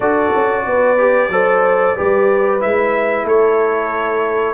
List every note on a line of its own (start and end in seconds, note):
0.00 0.32 D4
0.00 0.97 F#4
0.00 0.65 A4
0.00 2.61 D5
0.35 0.65 C#4
0.65 1.29 B3
0.65 1.31 B4
0.97 1.30 G4
1.29 1.94 F#3
1.29 1.96 A4
1.29 1.96 C5
1.96 2.64 G3
1.96 2.60 G4
1.96 3.25 B4
2.60 3.23 G#3
2.60 4.54 E4
2.60 3.26 E5
3.23 4.54 A3
3.23 4.54 A4
3.23 4.54 C#5